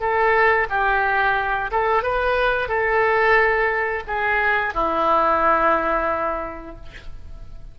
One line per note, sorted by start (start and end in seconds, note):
0.00 0.67 A4
0.70 1.71 G4
1.72 2.03 A4
2.03 2.69 B4
2.69 4.04 A4
4.08 4.74 G#4
4.74 6.76 E4